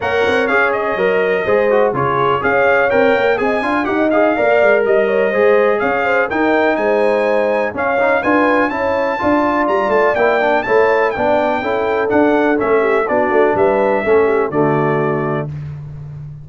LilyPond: <<
  \new Staff \with { instrumentName = "trumpet" } { \time 4/4 \tempo 4 = 124 fis''4 f''8 dis''2~ dis''8 | cis''4 f''4 g''4 gis''4 | fis''8 f''4. dis''2 | f''4 g''4 gis''2 |
f''4 gis''4 a''2 | ais''8 a''8 g''4 a''4 g''4~ | g''4 fis''4 e''4 d''4 | e''2 d''2 | }
  \new Staff \with { instrumentName = "horn" } { \time 4/4 cis''2. c''4 | gis'4 cis''2 dis''8 f''8 | dis''4 d''4 dis''8 cis''8 c''4 | cis''8 c''8 ais'4 c''2 |
cis''4 b'4 cis''4 d''4~ | d''2 cis''4 d''4 | a'2~ a'8 g'8 fis'4 | b'4 a'8 g'8 fis'2 | }
  \new Staff \with { instrumentName = "trombone" } { \time 4/4 ais'4 gis'4 ais'4 gis'8 fis'8 | f'4 gis'4 ais'4 gis'8 f'8 | g'8 gis'8 ais'2 gis'4~ | gis'4 dis'2. |
cis'8 dis'8 f'4 e'4 f'4~ | f'4 e'8 d'8 e'4 d'4 | e'4 d'4 cis'4 d'4~ | d'4 cis'4 a2 | }
  \new Staff \with { instrumentName = "tuba" } { \time 4/4 ais8 c'8 cis'4 fis4 gis4 | cis4 cis'4 c'8 ais8 c'8 d'8 | dis'4 ais8 gis8 g4 gis4 | cis'4 dis'4 gis2 |
cis'4 d'4 cis'4 d'4 | g8 a8 ais4 a4 b4 | cis'4 d'4 a4 b8 a8 | g4 a4 d2 | }
>>